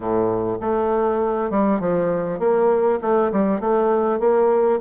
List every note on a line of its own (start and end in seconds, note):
0.00 0.57 A2
0.60 1.50 A3
1.50 1.79 G3
1.79 2.39 F3
2.39 2.99 A#3
3.01 3.31 A3
3.31 3.60 G3
3.60 4.19 A3
4.19 4.79 A#3